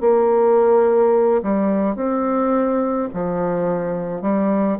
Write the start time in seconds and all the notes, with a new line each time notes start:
0.00 A#3
1.42 G3
1.95 C4
3.13 F3
4.21 G3